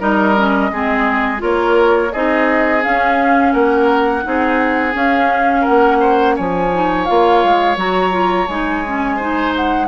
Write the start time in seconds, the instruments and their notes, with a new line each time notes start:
0.00 bassoon G3, clarinet D#4, oboe A#4, flute D#5
0.37 clarinet C#4
0.72 bassoon G#3, clarinet C4, oboe G#4
1.38 bassoon A#3, clarinet F4, oboe A#4, flute C#5
2.13 bassoon C4, clarinet D#4, oboe G#4, flute D#5
2.82 clarinet C#4, bassoon C#4, flute F5
3.53 bassoon A#3, oboe A#4, flute F#5
4.23 bassoon C4, clarinet D#4, oboe G#4
4.93 clarinet C#4, bassoon C#4, flute F5
5.61 oboe A#4, flute F#5
5.69 bassoon A#3
6.00 oboe C5
6.36 bassoon F3, oboe C#5, flute G#5
6.74 clarinet D#4
7.06 bassoon A#3, clarinet F4, flute F5
7.44 bassoon G#3
7.77 bassoon F#3, clarinet F#4, flute A#5
8.12 clarinet F4
8.48 bassoon G#3, clarinet D#4, flute G#5
8.86 clarinet C#4
9.16 clarinet D#4, oboe C5
9.56 flute F#5